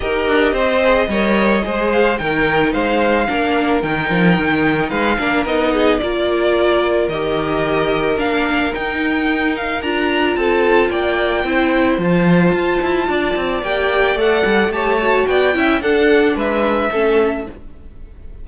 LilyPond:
<<
  \new Staff \with { instrumentName = "violin" } { \time 4/4 \tempo 4 = 110 dis''2.~ dis''8 f''8 | g''4 f''2 g''4~ | g''4 f''4 dis''4 d''4~ | d''4 dis''2 f''4 |
g''4. f''8 ais''4 a''4 | g''2 a''2~ | a''4 g''4 fis''4 a''4 | g''4 fis''4 e''2 | }
  \new Staff \with { instrumentName = "violin" } { \time 4/4 ais'4 c''4 cis''4 c''4 | ais'4 c''4 ais'2~ | ais'4 b'8 ais'4 gis'8 ais'4~ | ais'1~ |
ais'2. a'4 | d''4 c''2. | d''2. cis''4 | d''8 e''8 a'4 b'4 a'4 | }
  \new Staff \with { instrumentName = "viola" } { \time 4/4 g'4. gis'8 ais'4 gis'4 | dis'2 d'4 dis'4~ | dis'4. d'8 dis'4 f'4~ | f'4 g'2 d'4 |
dis'2 f'2~ | f'4 e'4 f'2~ | f'4 g'4 a'4 g'8 fis'8~ | fis'8 e'8 d'2 cis'4 | }
  \new Staff \with { instrumentName = "cello" } { \time 4/4 dis'8 d'8 c'4 g4 gis4 | dis4 gis4 ais4 dis8 f8 | dis4 gis8 ais8 b4 ais4~ | ais4 dis2 ais4 |
dis'2 d'4 c'4 | ais4 c'4 f4 f'8 e'8 | d'8 c'8 ais4 a8 g8 a4 | b8 cis'8 d'4 gis4 a4 | }
>>